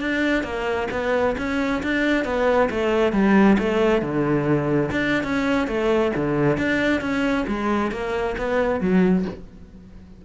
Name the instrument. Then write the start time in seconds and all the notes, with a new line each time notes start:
cello
0.00 D4
0.43 A#3
0.91 B3
1.38 C#4
1.83 D4
2.24 B3
2.70 A3
3.12 G3
3.58 A3
4.02 D3
4.91 D4
5.23 C#4
5.67 A3
6.16 D3
6.57 D4
7.01 C#4
7.47 G#3
7.91 A#3
8.38 B3
8.80 F#3